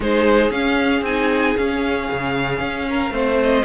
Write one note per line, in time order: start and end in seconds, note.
0.00 0.50 G#3
0.00 0.51 D#4
0.00 2.88 G#4
0.00 0.51 C5
0.50 1.01 C#4
0.50 1.05 C#4
0.50 1.03 F5
1.01 1.53 C4
1.01 1.57 D#4
1.01 1.56 G#5
1.56 3.11 C#4
1.56 2.10 C#4
1.56 3.39 F5
2.11 2.59 C#3
2.59 3.10 C#4
2.88 3.13 A#4
3.10 3.62 A3
3.10 3.63 C4
3.10 3.65 C5
3.42 3.65 D#5